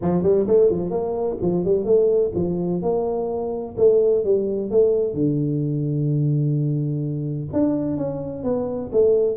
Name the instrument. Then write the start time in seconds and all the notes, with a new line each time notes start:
tuba
0.01 F3
0.22 G3
0.47 A3
0.69 F3
0.90 A#3
1.41 F3
1.64 G3
1.85 A3
2.35 F3
2.81 A#3
3.77 A3
4.24 G3
4.70 A3
5.14 D3
7.53 D4
7.97 C#4
8.43 B3
8.92 A3